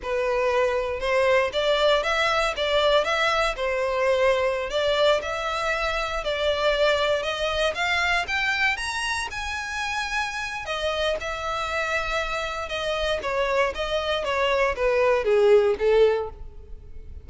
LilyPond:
\new Staff \with { instrumentName = "violin" } { \time 4/4 \tempo 4 = 118 b'2 c''4 d''4 | e''4 d''4 e''4 c''4~ | c''4~ c''16 d''4 e''4.~ e''16~ | e''16 d''2 dis''4 f''8.~ |
f''16 g''4 ais''4 gis''4.~ gis''16~ | gis''4 dis''4 e''2~ | e''4 dis''4 cis''4 dis''4 | cis''4 b'4 gis'4 a'4 | }